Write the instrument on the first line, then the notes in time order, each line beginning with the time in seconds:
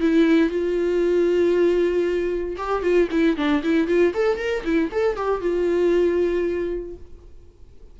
viola
0.00 E4
0.49 F4
2.57 G4
2.82 F4
3.11 E4
3.36 D4
3.63 E4
3.87 F4
4.14 A4
4.37 A#4
4.64 E4
4.92 A4
5.16 G4
5.41 F4